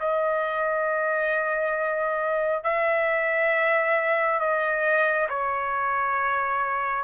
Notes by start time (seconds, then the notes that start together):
0.00 D#5
2.64 E5
4.40 D#5
5.29 C#5